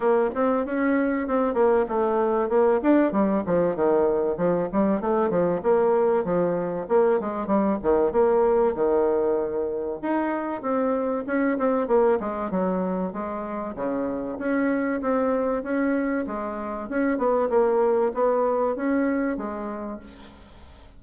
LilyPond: \new Staff \with { instrumentName = "bassoon" } { \time 4/4 \tempo 4 = 96 ais8 c'8 cis'4 c'8 ais8 a4 | ais8 d'8 g8 f8 dis4 f8 g8 | a8 f8 ais4 f4 ais8 gis8 | g8 dis8 ais4 dis2 |
dis'4 c'4 cis'8 c'8 ais8 gis8 | fis4 gis4 cis4 cis'4 | c'4 cis'4 gis4 cis'8 b8 | ais4 b4 cis'4 gis4 | }